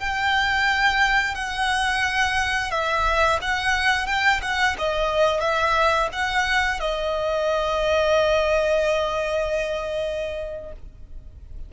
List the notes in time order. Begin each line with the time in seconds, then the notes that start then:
0.00 G5
1.35 F#5
2.71 E5
3.42 F#5
4.07 G5
4.42 F#5
4.79 D#5
5.41 E5
6.13 F#5
6.81 D#5